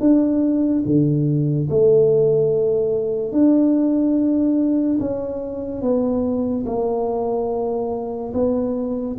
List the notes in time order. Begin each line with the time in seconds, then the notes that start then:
0.00 D4
0.86 D3
1.70 A3
3.32 D4
5.00 C#4
5.82 B3
6.66 A#3
8.34 B3